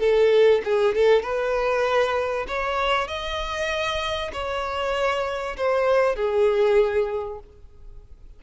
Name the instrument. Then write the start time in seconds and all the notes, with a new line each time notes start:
violin
0.00 A4
0.65 G#4
0.95 A4
1.23 B4
2.48 C#5
3.08 D#5
4.33 C#5
5.58 C5
6.16 G#4